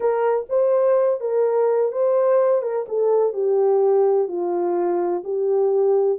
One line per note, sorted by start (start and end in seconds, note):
0.00 0.46 A#4
0.49 1.20 C5
1.20 1.92 A#4
1.92 2.62 C5
2.62 2.85 A#4
2.88 3.33 A4
3.33 4.28 G4
4.28 5.23 F4
5.24 6.19 G4